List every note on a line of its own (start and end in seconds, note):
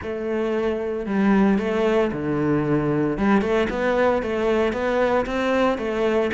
0.02 1.06 A3
1.06 1.58 G3
1.58 2.11 A3
2.12 3.17 D3
3.17 3.41 G3
3.41 3.67 A3
3.69 4.22 B3
4.22 4.72 A3
4.72 5.25 B3
5.25 5.78 C4
5.78 6.30 A3